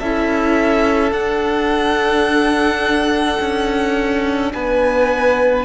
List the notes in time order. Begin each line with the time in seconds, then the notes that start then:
0.00 C#4 E4 A4 E5
1.12 D4 F#5
3.40 C#4
4.53 B3 B4 G#5